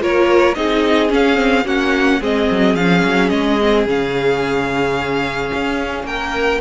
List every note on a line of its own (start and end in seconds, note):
0.00 0.56 A#3
0.00 0.55 F4
0.00 0.57 A#4
0.00 0.54 C#5
0.54 1.12 C4
0.54 1.08 D#4
0.54 1.65 G#4
0.54 1.09 D#5
1.08 1.35 C#4
1.08 1.65 C#4
1.08 1.67 F5
1.35 1.63 C4
1.65 2.20 A#3
1.65 2.20 C#4
1.65 2.20 F#4
1.65 2.22 F#5
2.20 2.49 G#3
2.20 2.76 C4
2.20 6.06 G#4
2.20 2.75 D#5
2.51 2.75 F#3
2.75 3.03 F3
2.75 3.60 C#4
2.75 3.29 F5
3.04 3.31 F#3
3.29 3.86 G#3
3.29 3.84 D#5
3.61 3.88 C4
3.86 5.51 C#3
3.86 6.61 C#4
3.86 6.06 F5
5.53 6.03 C#4
6.03 6.58 A#3
6.03 6.61 A#4
6.03 6.61 G5